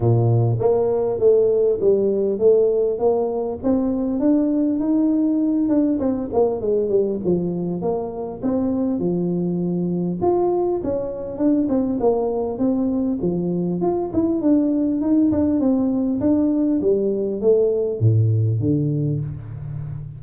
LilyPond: \new Staff \with { instrumentName = "tuba" } { \time 4/4 \tempo 4 = 100 ais,4 ais4 a4 g4 | a4 ais4 c'4 d'4 | dis'4. d'8 c'8 ais8 gis8 g8 | f4 ais4 c'4 f4~ |
f4 f'4 cis'4 d'8 c'8 | ais4 c'4 f4 f'8 e'8 | d'4 dis'8 d'8 c'4 d'4 | g4 a4 a,4 d4 | }